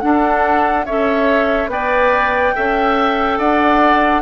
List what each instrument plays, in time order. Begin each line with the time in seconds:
0.00 clarinet D4, bassoon D4, oboe A4, flute F#5
0.85 bassoon C#4, clarinet A4, oboe C#5, flute E5
1.67 bassoon B3, clarinet B4, oboe D5, flute G5
2.55 bassoon C#4, clarinet A4, oboe E5
3.38 bassoon D4, oboe D5, flute F#5